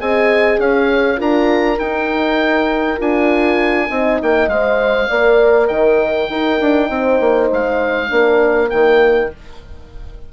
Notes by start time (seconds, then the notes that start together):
0.00 C4 G#4 D#5 G#5
0.58 C#4 C#5 F5
1.16 D4 F4 A#4 A#5
1.79 D#4 G5
2.98 D4 F4 G#5
3.89 C4 D#4 D#5
4.22 A#3 G5
4.48 G#3 C5 F5
5.08 A#3 A#4 D5
5.67 D#3 D#5 G5
6.29 D#4 A#4
6.60 D4
6.90 C4 C5
7.20 A#3
7.52 G#3 F5
8.09 A#3 D4 A#4
8.68 D#3 A#3 G5